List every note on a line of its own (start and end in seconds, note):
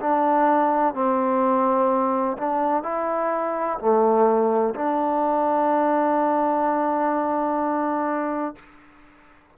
0.00 0.94 D4
0.94 2.37 C4
2.38 2.83 D4
2.83 3.78 E4
3.79 4.74 A3
4.74 8.55 D4